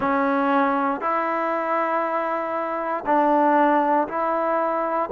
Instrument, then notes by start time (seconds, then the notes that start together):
trombone
0.00 C#4
1.00 E4
3.06 D4
4.08 E4